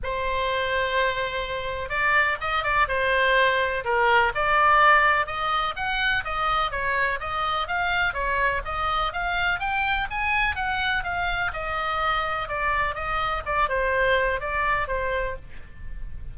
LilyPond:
\new Staff \with { instrumentName = "oboe" } { \time 4/4 \tempo 4 = 125 c''1 | d''4 dis''8 d''8 c''2 | ais'4 d''2 dis''4 | fis''4 dis''4 cis''4 dis''4 |
f''4 cis''4 dis''4 f''4 | g''4 gis''4 fis''4 f''4 | dis''2 d''4 dis''4 | d''8 c''4. d''4 c''4 | }